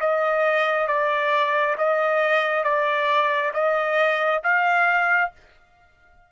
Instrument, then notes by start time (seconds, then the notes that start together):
trumpet
0.00 D#5
0.87 D5
1.78 D#5
2.64 D5
3.53 D#5
4.43 F5